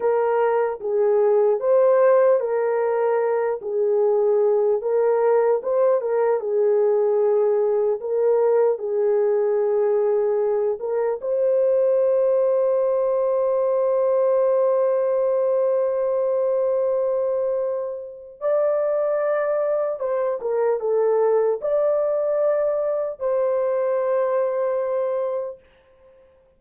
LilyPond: \new Staff \with { instrumentName = "horn" } { \time 4/4 \tempo 4 = 75 ais'4 gis'4 c''4 ais'4~ | ais'8 gis'4. ais'4 c''8 ais'8 | gis'2 ais'4 gis'4~ | gis'4. ais'8 c''2~ |
c''1~ | c''2. d''4~ | d''4 c''8 ais'8 a'4 d''4~ | d''4 c''2. | }